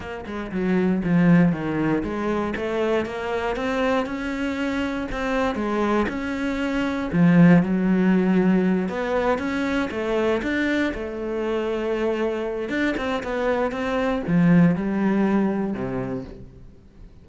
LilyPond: \new Staff \with { instrumentName = "cello" } { \time 4/4 \tempo 4 = 118 ais8 gis8 fis4 f4 dis4 | gis4 a4 ais4 c'4 | cis'2 c'4 gis4 | cis'2 f4 fis4~ |
fis4. b4 cis'4 a8~ | a8 d'4 a2~ a8~ | a4 d'8 c'8 b4 c'4 | f4 g2 c4 | }